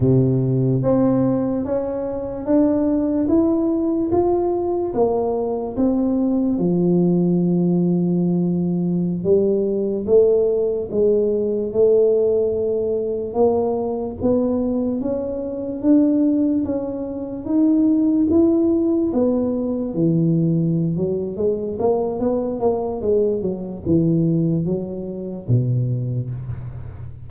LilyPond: \new Staff \with { instrumentName = "tuba" } { \time 4/4 \tempo 4 = 73 c4 c'4 cis'4 d'4 | e'4 f'4 ais4 c'4 | f2.~ f16 g8.~ | g16 a4 gis4 a4.~ a16~ |
a16 ais4 b4 cis'4 d'8.~ | d'16 cis'4 dis'4 e'4 b8.~ | b16 e4~ e16 fis8 gis8 ais8 b8 ais8 | gis8 fis8 e4 fis4 b,4 | }